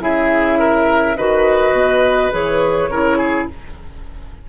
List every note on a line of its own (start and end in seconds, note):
0.00 1.16 C#3
0.00 1.15 E4
0.00 0.59 G#4
0.00 1.16 E5
0.59 1.16 A#4
1.16 1.72 D#3
1.16 2.31 F#4
1.16 2.90 B4
1.16 2.32 D#5
1.72 2.29 B2
2.31 2.88 E3
2.31 2.88 G#4
2.31 3.48 C#5
2.88 3.46 C#3
2.88 3.49 E4
2.88 3.17 A#4
3.17 3.46 G#4